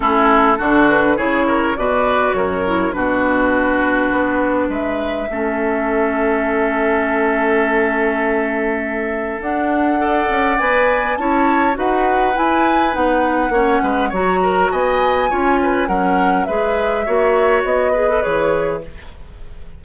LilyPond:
<<
  \new Staff \with { instrumentName = "flute" } { \time 4/4 \tempo 4 = 102 a'4. b'8 cis''4 d''4 | cis''4 b'2. | e''1~ | e''1 |
fis''2 gis''4 a''4 | fis''4 gis''4 fis''2 | ais''4 gis''2 fis''4 | e''2 dis''4 cis''4 | }
  \new Staff \with { instrumentName = "oboe" } { \time 4/4 e'4 fis'4 gis'8 ais'8 b'4 | ais'4 fis'2. | b'4 a'2.~ | a'1~ |
a'4 d''2 cis''4 | b'2. cis''8 b'8 | cis''8 ais'8 dis''4 cis''8 b'8 ais'4 | b'4 cis''4. b'4. | }
  \new Staff \with { instrumentName = "clarinet" } { \time 4/4 cis'4 d'4 e'4 fis'4~ | fis'8 e'8 d'2.~ | d'4 cis'2.~ | cis'1 |
d'4 a'4 b'4 e'4 | fis'4 e'4 dis'4 cis'4 | fis'2 f'4 cis'4 | gis'4 fis'4. gis'16 a'16 gis'4 | }
  \new Staff \with { instrumentName = "bassoon" } { \time 4/4 a4 d4 cis4 b,4 | fis,4 b,2 b4 | gis4 a2.~ | a1 |
d'4. cis'8 b4 cis'4 | dis'4 e'4 b4 ais8 gis8 | fis4 b4 cis'4 fis4 | gis4 ais4 b4 e4 | }
>>